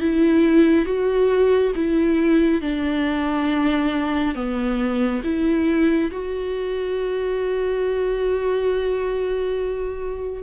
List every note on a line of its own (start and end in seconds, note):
0.00 0.85 E4
0.85 1.72 F#4
1.75 2.61 E4
2.61 4.35 D4
4.35 5.22 B3
5.24 6.11 E4
6.11 10.43 F#4